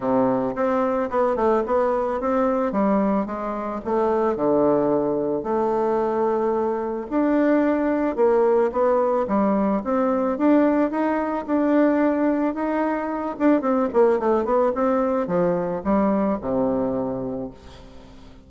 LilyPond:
\new Staff \with { instrumentName = "bassoon" } { \time 4/4 \tempo 4 = 110 c4 c'4 b8 a8 b4 | c'4 g4 gis4 a4 | d2 a2~ | a4 d'2 ais4 |
b4 g4 c'4 d'4 | dis'4 d'2 dis'4~ | dis'8 d'8 c'8 ais8 a8 b8 c'4 | f4 g4 c2 | }